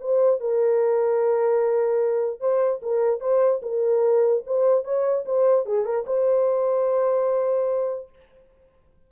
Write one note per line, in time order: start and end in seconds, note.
0.00 0.40 C5
0.40 2.40 A#4
2.40 2.80 C5
2.82 3.20 A#4
3.20 3.60 C5
3.62 4.43 A#4
4.46 4.84 C5
4.84 5.24 C#5
5.25 5.66 C5
5.66 5.85 G#4
5.85 6.05 A#4
6.06 8.09 C5